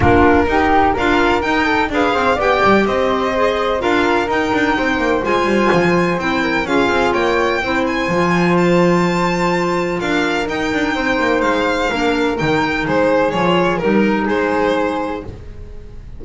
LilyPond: <<
  \new Staff \with { instrumentName = "violin" } { \time 4/4 \tempo 4 = 126 ais'2 f''4 g''4 | f''4 g''4 dis''2 | f''4 g''2 gis''4~ | gis''4 g''4 f''4 g''4~ |
g''8 gis''4. a''2~ | a''4 f''4 g''2 | f''2 g''4 c''4 | cis''4 ais'4 c''2 | }
  \new Staff \with { instrumentName = "flute" } { \time 4/4 f'4 g'4 ais'4. a'8 | b'8 c''8 d''4 c''2 | ais'2 c''2~ | c''4. ais'8 gis'4 cis''4 |
c''1~ | c''4 ais'2 c''4~ | c''4 ais'2 gis'4~ | gis'4 ais'4 gis'2 | }
  \new Staff \with { instrumentName = "clarinet" } { \time 4/4 d'4 dis'4 f'4 dis'4 | gis'4 g'2 gis'4 | f'4 dis'2 f'4~ | f'4 e'4 f'2 |
e'4 f'2.~ | f'2 dis'2~ | dis'4 d'4 dis'2 | f'4 dis'2. | }
  \new Staff \with { instrumentName = "double bass" } { \time 4/4 ais4 dis'4 d'4 dis'4 | d'8 c'8 b8 g8 c'2 | d'4 dis'8 d'8 c'8 ais8 gis8 g8 | f4 c'4 cis'8 c'8 ais4 |
c'4 f2.~ | f4 d'4 dis'8 d'8 c'8 ais8 | gis4 ais4 dis4 gis4 | f4 g4 gis2 | }
>>